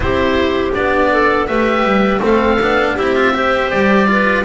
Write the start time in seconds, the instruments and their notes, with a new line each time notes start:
0.00 double bass C4, cello E4, clarinet G4, oboe C5
0.72 double bass B3, cello D4, oboe D5
1.11 clarinet A4
1.46 double bass A3, cello G4, clarinet B4, oboe E5
1.83 double bass G3
2.20 double bass A3, cello C4, clarinet A4, oboe F5
2.60 double bass B3, cello D4
2.94 double bass C4, cello E4, clarinet G4, oboe E5
3.15 cello F4
3.33 cello G4, clarinet C5
3.70 double bass G3, oboe D5
4.07 cello F4, clarinet B4